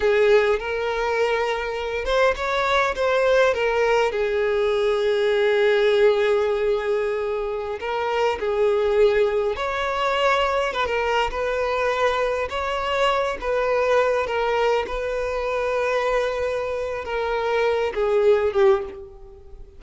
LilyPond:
\new Staff \with { instrumentName = "violin" } { \time 4/4 \tempo 4 = 102 gis'4 ais'2~ ais'8 c''8 | cis''4 c''4 ais'4 gis'4~ | gis'1~ | gis'4~ gis'16 ais'4 gis'4.~ gis'16~ |
gis'16 cis''2 b'16 ais'8. b'8.~ | b'4~ b'16 cis''4. b'4~ b'16~ | b'16 ais'4 b'2~ b'8.~ | b'4 ais'4. gis'4 g'8 | }